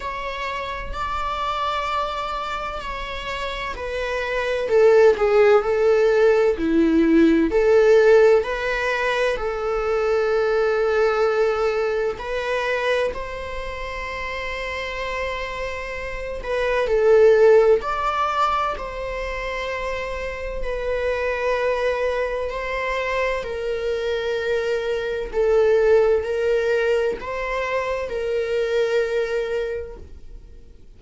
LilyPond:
\new Staff \with { instrumentName = "viola" } { \time 4/4 \tempo 4 = 64 cis''4 d''2 cis''4 | b'4 a'8 gis'8 a'4 e'4 | a'4 b'4 a'2~ | a'4 b'4 c''2~ |
c''4. b'8 a'4 d''4 | c''2 b'2 | c''4 ais'2 a'4 | ais'4 c''4 ais'2 | }